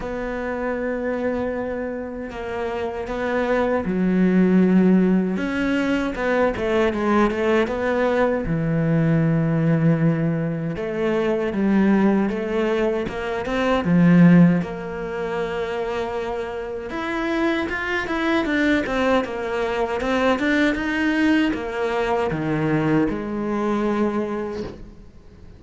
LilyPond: \new Staff \with { instrumentName = "cello" } { \time 4/4 \tempo 4 = 78 b2. ais4 | b4 fis2 cis'4 | b8 a8 gis8 a8 b4 e4~ | e2 a4 g4 |
a4 ais8 c'8 f4 ais4~ | ais2 e'4 f'8 e'8 | d'8 c'8 ais4 c'8 d'8 dis'4 | ais4 dis4 gis2 | }